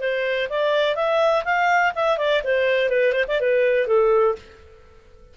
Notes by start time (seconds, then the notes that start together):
0.00 C5
0.49 D5
0.95 E5
1.45 F5
1.95 E5
2.18 D5
2.44 C5
2.90 B4
3.13 C5
3.28 D5
3.40 B4
3.87 A4